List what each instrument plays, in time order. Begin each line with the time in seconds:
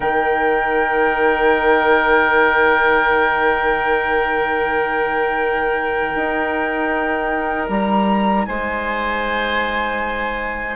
0.00 bassoon D#3, clarinet D#4, oboe A#4, flute G5
6.15 bassoon D#4
7.68 bassoon G3, flute A#5
8.45 bassoon G#3, oboe C5, flute G#5